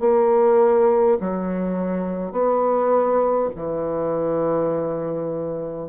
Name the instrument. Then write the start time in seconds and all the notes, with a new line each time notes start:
bassoon
0.00 A#3
1.20 F#3
2.32 B3
3.55 E3